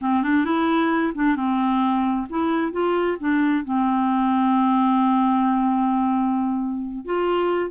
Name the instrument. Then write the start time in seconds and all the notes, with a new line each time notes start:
clarinet
0.01 C4
0.22 D4
0.44 E4
1.14 D4
1.36 C4
2.29 E4
2.72 F4
3.20 D4
3.64 C4
7.05 F4